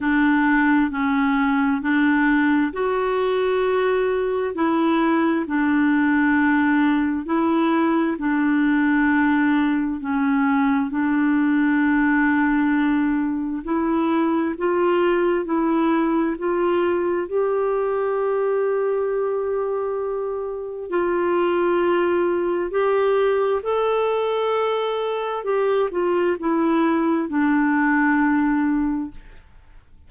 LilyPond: \new Staff \with { instrumentName = "clarinet" } { \time 4/4 \tempo 4 = 66 d'4 cis'4 d'4 fis'4~ | fis'4 e'4 d'2 | e'4 d'2 cis'4 | d'2. e'4 |
f'4 e'4 f'4 g'4~ | g'2. f'4~ | f'4 g'4 a'2 | g'8 f'8 e'4 d'2 | }